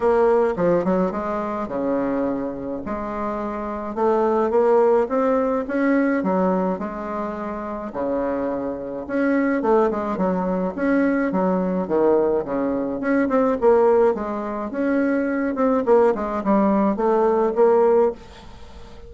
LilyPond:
\new Staff \with { instrumentName = "bassoon" } { \time 4/4 \tempo 4 = 106 ais4 f8 fis8 gis4 cis4~ | cis4 gis2 a4 | ais4 c'4 cis'4 fis4 | gis2 cis2 |
cis'4 a8 gis8 fis4 cis'4 | fis4 dis4 cis4 cis'8 c'8 | ais4 gis4 cis'4. c'8 | ais8 gis8 g4 a4 ais4 | }